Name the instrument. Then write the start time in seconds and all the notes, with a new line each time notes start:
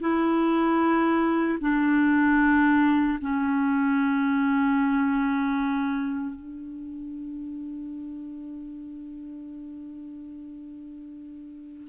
clarinet
0.00 E4
1.60 D4
3.20 C#4
6.35 D4